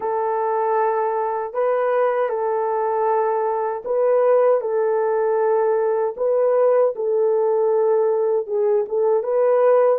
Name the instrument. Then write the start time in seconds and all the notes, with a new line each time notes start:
horn
0.00 A4
1.53 B4
2.29 A4
3.84 B4
4.60 A4
6.16 B4
6.95 A4
8.46 G#4
8.88 A4
9.23 B4